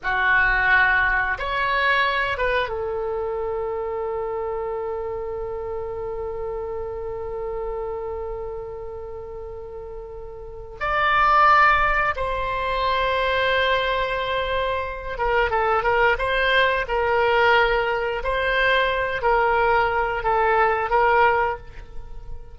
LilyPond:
\new Staff \with { instrumentName = "oboe" } { \time 4/4 \tempo 4 = 89 fis'2 cis''4. b'8 | a'1~ | a'1~ | a'1 |
d''2 c''2~ | c''2~ c''8 ais'8 a'8 ais'8 | c''4 ais'2 c''4~ | c''8 ais'4. a'4 ais'4 | }